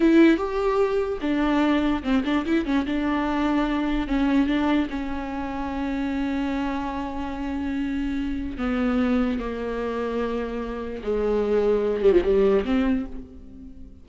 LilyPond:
\new Staff \with { instrumentName = "viola" } { \time 4/4 \tempo 4 = 147 e'4 g'2 d'4~ | d'4 c'8 d'8 e'8 cis'8 d'4~ | d'2 cis'4 d'4 | cis'1~ |
cis'1~ | cis'4 b2 ais4~ | ais2. gis4~ | gis4. g16 f16 g4 c'4 | }